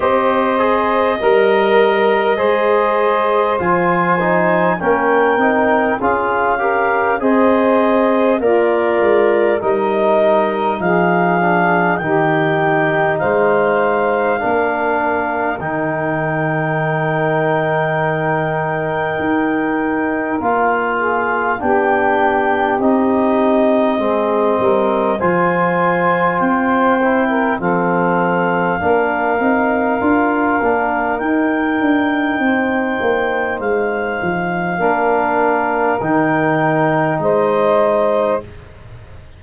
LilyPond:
<<
  \new Staff \with { instrumentName = "clarinet" } { \time 4/4 \tempo 4 = 50 dis''2. gis''4 | g''4 f''4 dis''4 d''4 | dis''4 f''4 g''4 f''4~ | f''4 g''2.~ |
g''4 f''4 g''4 dis''4~ | dis''4 gis''4 g''4 f''4~ | f''2 g''2 | f''2 g''4 dis''4 | }
  \new Staff \with { instrumentName = "saxophone" } { \time 4/4 c''4 ais'4 c''2 | ais'4 gis'8 ais'8 c''4 f'4 | ais'4 gis'4 g'4 c''4 | ais'1~ |
ais'4. gis'8 g'2 | gis'8 ais'8 c''4.~ c''16 ais'16 a'4 | ais'2. c''4~ | c''4 ais'2 c''4 | }
  \new Staff \with { instrumentName = "trombone" } { \time 4/4 g'8 gis'8 ais'4 gis'4 f'8 dis'8 | cis'8 dis'8 f'8 g'8 gis'4 ais'4 | dis'4. d'8 dis'2 | d'4 dis'2.~ |
dis'4 f'4 d'4 dis'4 | c'4 f'4. e'8 c'4 | d'8 dis'8 f'8 d'8 dis'2~ | dis'4 d'4 dis'2 | }
  \new Staff \with { instrumentName = "tuba" } { \time 4/4 c'4 g4 gis4 f4 | ais8 c'8 cis'4 c'4 ais8 gis8 | g4 f4 dis4 gis4 | ais4 dis2. |
dis'4 ais4 b4 c'4 | gis8 g8 f4 c'4 f4 | ais8 c'8 d'8 ais8 dis'8 d'8 c'8 ais8 | gis8 f8 ais4 dis4 gis4 | }
>>